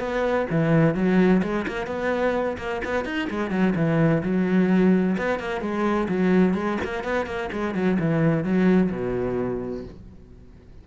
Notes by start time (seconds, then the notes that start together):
0.00 B3
0.51 E3
0.95 F#3
1.43 G#3
1.68 A#3
1.87 B3
2.58 A#3
2.85 B3
3.06 D#4
3.30 G#3
3.51 F#3
3.76 E3
4.23 F#3
5.18 B3
5.40 A#3
5.61 G#3
6.09 F#3
6.55 G#3
6.85 A#3
7.04 B3
7.27 A#3
7.53 G#3
7.75 F#3
8.00 E3
8.44 F#3
8.91 B2